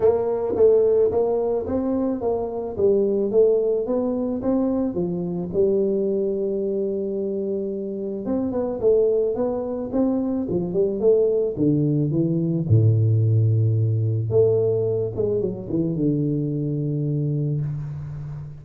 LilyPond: \new Staff \with { instrumentName = "tuba" } { \time 4/4 \tempo 4 = 109 ais4 a4 ais4 c'4 | ais4 g4 a4 b4 | c'4 f4 g2~ | g2. c'8 b8 |
a4 b4 c'4 f8 g8 | a4 d4 e4 a,4~ | a,2 a4. gis8 | fis8 e8 d2. | }